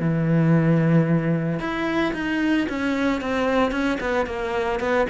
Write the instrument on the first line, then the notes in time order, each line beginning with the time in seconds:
cello
0.00 E3
1.60 E4
2.14 D#4
2.69 C#4
3.21 C4
3.71 C#4
4.00 B3
4.26 A#3
4.80 B3